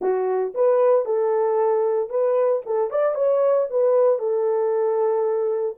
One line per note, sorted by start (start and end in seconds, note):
0.01 0.53 F#4
0.54 1.05 B4
1.05 2.09 A4
2.09 2.62 B4
2.65 2.90 A4
2.90 3.14 D5
3.14 3.67 C#5
3.69 4.18 B4
4.18 5.76 A4